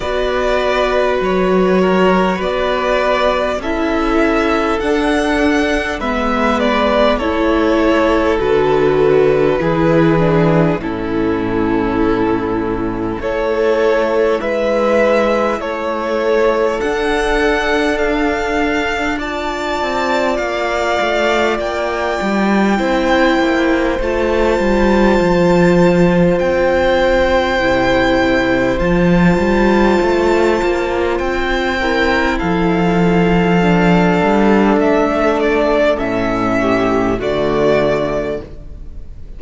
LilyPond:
<<
  \new Staff \with { instrumentName = "violin" } { \time 4/4 \tempo 4 = 50 d''4 cis''4 d''4 e''4 | fis''4 e''8 d''8 cis''4 b'4~ | b'4 a'2 cis''4 | e''4 cis''4 fis''4 f''4 |
a''4 f''4 g''2 | a''2 g''2 | a''2 g''4 f''4~ | f''4 e''8 d''8 e''4 d''4 | }
  \new Staff \with { instrumentName = "violin" } { \time 4/4 b'4. ais'8 b'4 a'4~ | a'4 b'4 a'2 | gis'4 e'2 a'4 | b'4 a'2. |
d''2. c''4~ | c''1~ | c''2~ c''8 ais'8 a'4~ | a'2~ a'8 g'8 fis'4 | }
  \new Staff \with { instrumentName = "viola" } { \time 4/4 fis'2. e'4 | d'4 b4 e'4 fis'4 | e'8 d'8 cis'2 e'4~ | e'2 d'2 |
f'2. e'4 | f'2. e'4 | f'2~ f'8 e'4. | d'2 cis'4 a4 | }
  \new Staff \with { instrumentName = "cello" } { \time 4/4 b4 fis4 b4 cis'4 | d'4 gis4 a4 d4 | e4 a,2 a4 | gis4 a4 d'2~ |
d'8 c'8 ais8 a8 ais8 g8 c'8 ais8 | a8 g8 f4 c'4 c4 | f8 g8 a8 ais8 c'4 f4~ | f8 g8 a4 a,4 d4 | }
>>